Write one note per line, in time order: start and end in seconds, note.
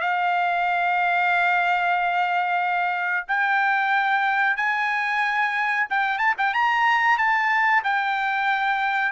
0.00 3.26 F5
3.28 4.57 G5
4.57 5.87 G#5
5.89 6.18 G5
6.18 6.34 A5
6.37 6.53 G5
6.53 7.17 A#5
7.17 7.83 A5
7.83 9.12 G5